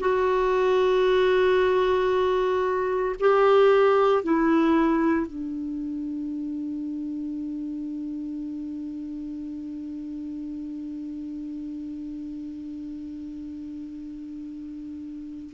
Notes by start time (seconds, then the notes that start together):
0.00 F#4
3.20 G4
4.23 E4
5.27 D4